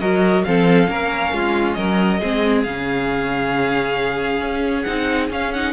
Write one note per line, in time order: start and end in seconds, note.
0.00 0.44 F#3
0.00 0.45 F#4
0.00 0.45 A#4
0.00 0.44 D#5
0.44 0.88 F3
0.44 0.87 C4
0.44 0.89 A4
0.44 1.74 F5
0.87 1.32 A#3
0.87 2.19 C#4
0.87 1.34 A#4
1.32 1.77 G#3
1.32 1.77 F4
1.74 2.21 F#3
1.74 2.20 A#4
1.74 2.62 D#5
2.20 2.66 G#3
2.20 2.66 C4
2.20 5.73 G#4
2.63 4.41 C#3
2.63 4.87 C#4
2.63 4.82 F5
4.41 4.85 C#4
4.82 5.30 C4
4.82 5.31 D#4
4.82 5.26 F#5
5.30 5.73 C#4
5.30 5.54 C#4
5.30 5.52 F5
5.52 5.73 D#4
5.52 5.73 F#5